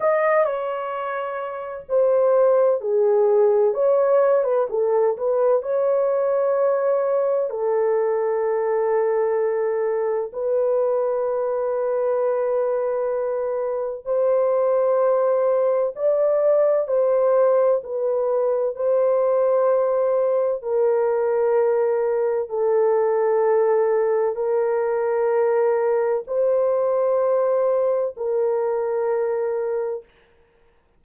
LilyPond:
\new Staff \with { instrumentName = "horn" } { \time 4/4 \tempo 4 = 64 dis''8 cis''4. c''4 gis'4 | cis''8. b'16 a'8 b'8 cis''2 | a'2. b'4~ | b'2. c''4~ |
c''4 d''4 c''4 b'4 | c''2 ais'2 | a'2 ais'2 | c''2 ais'2 | }